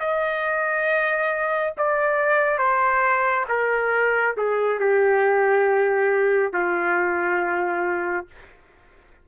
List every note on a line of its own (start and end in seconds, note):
0.00 1.74 D#5
1.77 2.58 D5
2.58 3.45 C5
3.49 4.36 A#4
4.37 4.79 G#4
4.79 6.53 G4
6.53 8.27 F4